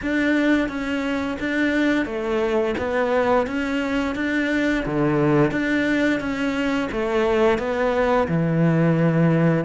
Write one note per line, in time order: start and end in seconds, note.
0.02 0.68 D4
0.68 1.37 C#4
1.39 2.05 D4
2.05 2.74 A3
2.78 3.47 B3
3.47 4.15 C#4
4.15 4.84 D4
4.85 5.51 D3
5.51 6.19 D4
6.19 6.88 C#4
6.91 7.58 A3
7.58 8.27 B3
8.28 9.65 E3